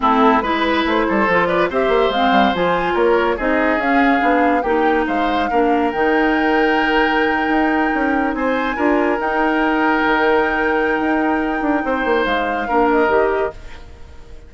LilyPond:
<<
  \new Staff \with { instrumentName = "flute" } { \time 4/4 \tempo 4 = 142 a'4 b'4 c''4. d''8 | e''4 f''4 gis''4 cis''4 | dis''4 f''2 g''4 | f''2 g''2~ |
g''2.~ g''8. gis''16~ | gis''4.~ gis''16 g''2~ g''16~ | g''1~ | g''4 f''4. dis''4. | }
  \new Staff \with { instrumentName = "oboe" } { \time 4/4 e'4 b'4. a'4 b'8 | c''2. ais'4 | gis'2. g'4 | c''4 ais'2.~ |
ais'2.~ ais'8. c''16~ | c''8. ais'2.~ ais'16~ | ais'1 | c''2 ais'2 | }
  \new Staff \with { instrumentName = "clarinet" } { \time 4/4 c'4 e'2 f'4 | g'4 c'4 f'2 | dis'4 cis'4 d'4 dis'4~ | dis'4 d'4 dis'2~ |
dis'1~ | dis'8. f'4 dis'2~ dis'16~ | dis'1~ | dis'2 d'4 g'4 | }
  \new Staff \with { instrumentName = "bassoon" } { \time 4/4 a4 gis4 a8 g8 f4 | c'8 ais8 gis8 g8 f4 ais4 | c'4 cis'4 b4 ais4 | gis4 ais4 dis2~ |
dis4.~ dis16 dis'4 cis'4 c'16~ | c'8. d'4 dis'2 dis16~ | dis2 dis'4. d'8 | c'8 ais8 gis4 ais4 dis4 | }
>>